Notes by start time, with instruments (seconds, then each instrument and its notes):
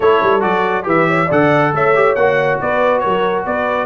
0.00 tuba A3, trombone E4, horn A4, trumpet C#5
0.22 tuba G3
0.40 tuba F#3, trombone F#4, trumpet D5
0.83 tuba E3, trombone G4, horn B4, trumpet E5
1.07 horn C#5
1.26 tuba D3, trombone A4, horn D5, trumpet F#5
1.72 tuba A3, horn C#5, trumpet E5
1.94 trombone G4
2.15 tuba A#3, trombone F#4, trumpet F#5
2.60 tuba B3, horn B4, trumpet D5
2.99 tuba F#3, horn A#4, trumpet C#5
3.45 tuba B3, horn B4, trumpet D5